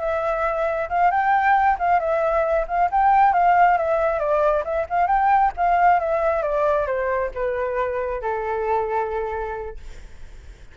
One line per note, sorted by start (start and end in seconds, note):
0.00 0.89 E5
0.89 1.11 F5
1.11 1.78 G5
1.79 2.00 F5
2.00 2.66 E5
2.68 2.90 F5
2.91 3.33 G5
3.33 3.78 F5
3.78 4.19 E5
4.19 4.64 D5
4.64 4.87 E5
4.90 5.07 F5
5.07 5.52 G5
5.57 6.00 F5
6.00 6.42 E5
6.42 6.87 D5
6.87 7.31 C5
7.35 8.22 B4
8.22 9.77 A4